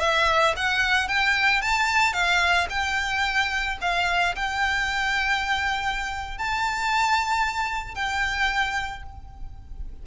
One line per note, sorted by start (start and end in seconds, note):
0.00 0.54 E5
0.56 1.08 F#5
1.08 1.61 G5
1.61 2.13 A5
2.13 2.67 F5
2.69 3.77 G5
3.81 4.35 F5
4.35 6.38 G5
6.38 7.95 A5
7.95 9.03 G5